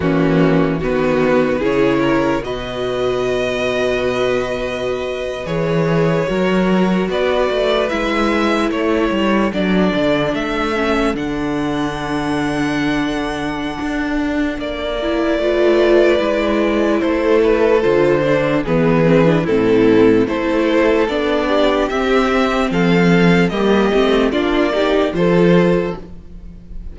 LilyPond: <<
  \new Staff \with { instrumentName = "violin" } { \time 4/4 \tempo 4 = 74 fis'4 b'4 cis''4 dis''4~ | dis''2~ dis''8. cis''4~ cis''16~ | cis''8. d''4 e''4 cis''4 d''16~ | d''8. e''4 fis''2~ fis''16~ |
fis''2 d''2~ | d''4 c''8 b'8 c''4 b'4 | a'4 c''4 d''4 e''4 | f''4 dis''4 d''4 c''4 | }
  \new Staff \with { instrumentName = "violin" } { \time 4/4 cis'4 fis'4 gis'8 ais'8 b'4~ | b'2.~ b'8. ais'16~ | ais'8. b'2 a'4~ a'16~ | a'1~ |
a'2. b'4~ | b'4 a'2 gis'4 | e'4 a'4. g'4. | a'4 g'4 f'8 g'8 a'4 | }
  \new Staff \with { instrumentName = "viola" } { \time 4/4 ais4 b4 e'4 fis'4~ | fis'2~ fis'8. gis'4 fis'16~ | fis'4.~ fis'16 e'2 d'16~ | d'4~ d'16 cis'8 d'2~ d'16~ |
d'2~ d'8 e'8 f'4 | e'2 f'8 d'8 b8 c'16 d'16 | c'4 e'4 d'4 c'4~ | c'4 ais8 c'8 d'8 dis'8 f'4 | }
  \new Staff \with { instrumentName = "cello" } { \time 4/4 e4 dis4 cis4 b,4~ | b,2~ b,8. e4 fis16~ | fis8. b8 a8 gis4 a8 g8 fis16~ | fis16 d8 a4 d2~ d16~ |
d4 d'4 ais4 a4 | gis4 a4 d4 e4 | a,4 a4 b4 c'4 | f4 g8 a8 ais4 f4 | }
>>